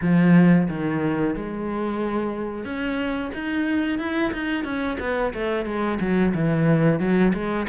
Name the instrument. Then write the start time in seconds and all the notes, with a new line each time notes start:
cello
0.01 F3
0.68 D#3
1.35 G#3
2.64 C#4
3.34 D#4
3.98 E4
4.32 D#4
4.64 C#4
4.99 B3
5.33 A3
5.65 G#3
6.00 F#3
6.34 E3
6.99 F#3
7.33 G#3